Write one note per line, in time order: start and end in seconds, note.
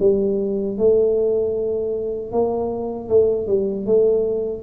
0.00 0.78 G3
0.78 2.32 A3
2.32 3.09 A#3
3.09 3.47 A3
3.47 3.86 G3
3.86 4.63 A3